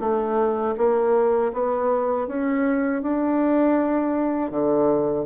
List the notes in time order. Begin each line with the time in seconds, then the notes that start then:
0.00 A3
0.77 A#3
1.53 B3
2.27 C#4
3.02 D4
4.51 D3